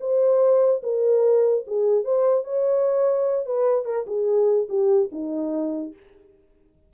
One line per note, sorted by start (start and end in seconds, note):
0.00 0.82 C5
0.83 1.65 A#4
1.67 2.04 G#4
2.04 2.44 C5
2.44 3.46 C#5
3.46 3.85 B4
3.85 4.06 A#4
4.07 4.68 G#4
4.69 5.10 G4
5.12 5.94 D#4